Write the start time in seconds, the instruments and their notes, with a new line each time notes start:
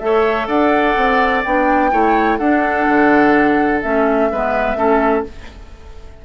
0.00 bassoon A3, clarinet A4, oboe C#5, flute E5
0.48 bassoon D4, oboe D5, flute F#5
0.97 bassoon C4
1.44 bassoon B3, clarinet D4, flute G5
1.91 bassoon A3, clarinet E4, oboe C#5
2.38 bassoon D4, clarinet D4, oboe A4, flute F#5
2.89 bassoon D3
3.82 bassoon A3, clarinet C#4, flute E5
4.32 bassoon G#3, clarinet B3, oboe B4
4.75 bassoon A3, clarinet C#4, oboe A4